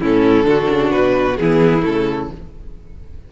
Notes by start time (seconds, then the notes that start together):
0.00 A2 C#4 E4 A4
0.43 D3 D4 F#4
0.69 C#3
0.91 B2 B4
1.37 E3 B3 E4 G#4
1.81 C#3 A3 A4